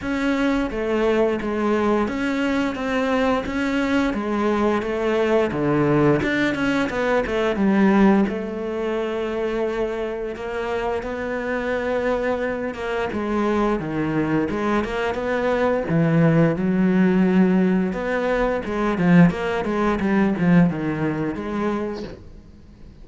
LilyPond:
\new Staff \with { instrumentName = "cello" } { \time 4/4 \tempo 4 = 87 cis'4 a4 gis4 cis'4 | c'4 cis'4 gis4 a4 | d4 d'8 cis'8 b8 a8 g4 | a2. ais4 |
b2~ b8 ais8 gis4 | dis4 gis8 ais8 b4 e4 | fis2 b4 gis8 f8 | ais8 gis8 g8 f8 dis4 gis4 | }